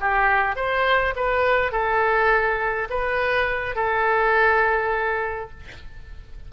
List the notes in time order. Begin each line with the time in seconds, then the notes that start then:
0.00 G4
0.56 C5
1.15 B4
1.72 A4
2.89 B4
3.75 A4